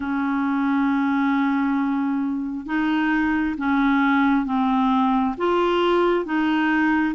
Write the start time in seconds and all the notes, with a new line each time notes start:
0.00 C#4
2.66 D#4
3.57 C#4
4.45 C4
5.37 F4
6.25 D#4